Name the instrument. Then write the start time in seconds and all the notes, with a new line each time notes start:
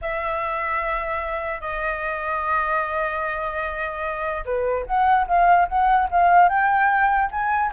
flute
0.01 E5
1.60 D#5
4.45 B4
4.86 F#5
5.27 F5
5.68 F#5
6.10 F5
6.48 G5
7.31 G#5